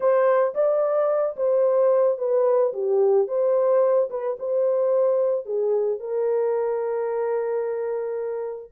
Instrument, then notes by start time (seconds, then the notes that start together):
horn
0.00 C5
0.54 D5
1.36 C5
2.18 B4
2.73 G4
3.27 C5
4.10 B4
4.39 C5
5.45 G#4
5.99 A#4